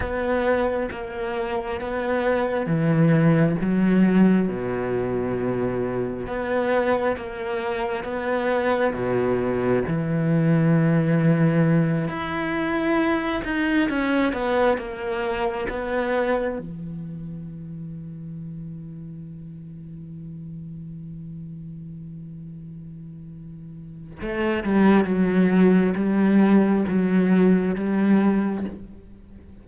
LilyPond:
\new Staff \with { instrumentName = "cello" } { \time 4/4 \tempo 4 = 67 b4 ais4 b4 e4 | fis4 b,2 b4 | ais4 b4 b,4 e4~ | e4. e'4. dis'8 cis'8 |
b8 ais4 b4 e4.~ | e1~ | e2. a8 g8 | fis4 g4 fis4 g4 | }